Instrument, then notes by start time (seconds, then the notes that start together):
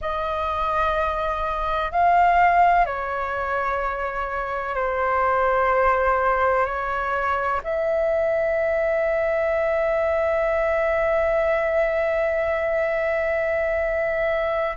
flute
0.01 D#5
1.91 F5
2.85 C#5
4.75 C5
6.65 C#5
7.63 E5